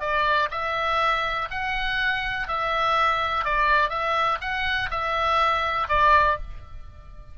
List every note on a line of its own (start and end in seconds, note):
0.00 0.49 D5
0.51 1.48 E5
1.50 2.48 F#5
2.48 3.45 E5
3.45 3.89 D5
3.89 4.38 E5
4.41 4.89 F#5
4.90 5.88 E5
5.88 6.37 D5